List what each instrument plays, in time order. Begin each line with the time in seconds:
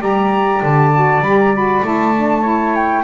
0.00 double bass G3, saxophone G4, trumpet D5, flute A#5
0.62 double bass D3, flute A5
0.93 saxophone F#4
1.21 double bass G3, saxophone G4, flute B5
1.40 flute A#5
1.55 saxophone F#4, flute B5
1.82 double bass A3, saxophone E4, flute A5
2.16 saxophone D4
2.42 saxophone E4, trumpet C#5
2.76 flute G5